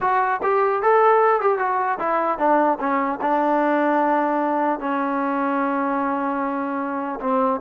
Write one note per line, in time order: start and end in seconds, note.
0.01 0.41 F#4
0.43 0.82 G4
0.82 1.41 A4
1.41 1.58 G4
1.58 1.98 F#4
1.99 2.38 E4
2.38 2.78 D4
2.79 3.19 C#4
3.21 4.79 D4
4.79 7.19 C#4
7.20 7.60 C4